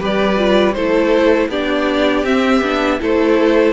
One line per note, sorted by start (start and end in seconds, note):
0.00 0.76 G3
0.00 0.37 G4
0.00 0.75 B4
0.00 0.74 D5
0.37 0.74 F4
0.74 1.49 A3
0.74 1.52 E4
0.74 1.50 A4
0.74 1.49 C5
1.49 2.24 B3
1.49 2.25 D4
1.49 3.00 G4
1.49 2.25 D5
2.24 2.61 C4
2.24 2.62 C4
2.24 3.00 E5
2.61 2.99 B3
2.61 3.00 D4
3.00 3.73 A3
3.00 3.73 E4
3.00 3.73 A4
3.00 3.73 C5